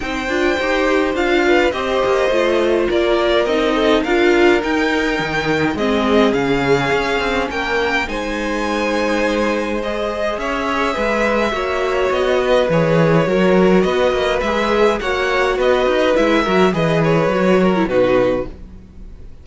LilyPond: <<
  \new Staff \with { instrumentName = "violin" } { \time 4/4 \tempo 4 = 104 g''2 f''4 dis''4~ | dis''4 d''4 dis''4 f''4 | g''2 dis''4 f''4~ | f''4 g''4 gis''2~ |
gis''4 dis''4 e''2~ | e''4 dis''4 cis''2 | dis''4 e''4 fis''4 dis''4 | e''4 dis''8 cis''4. b'4 | }
  \new Staff \with { instrumentName = "violin" } { \time 4/4 c''2~ c''8 b'8 c''4~ | c''4 ais'4. a'8 ais'4~ | ais'2 gis'2~ | gis'4 ais'4 c''2~ |
c''2 cis''4 b'4 | cis''4. b'4. ais'4 | b'2 cis''4 b'4~ | b'8 ais'8 b'4. ais'8 fis'4 | }
  \new Staff \with { instrumentName = "viola" } { \time 4/4 dis'8 f'8 g'4 f'4 g'4 | f'2 dis'4 f'4 | dis'2 c'4 cis'4~ | cis'2 dis'2~ |
dis'4 gis'2. | fis'2 gis'4 fis'4~ | fis'4 gis'4 fis'2 | e'8 fis'8 gis'4 fis'8. e'16 dis'4 | }
  \new Staff \with { instrumentName = "cello" } { \time 4/4 c'8 d'8 dis'4 d'4 c'8 ais8 | a4 ais4 c'4 d'4 | dis'4 dis4 gis4 cis4 | cis'8 c'8 ais4 gis2~ |
gis2 cis'4 gis4 | ais4 b4 e4 fis4 | b8 ais8 gis4 ais4 b8 dis'8 | gis8 fis8 e4 fis4 b,4 | }
>>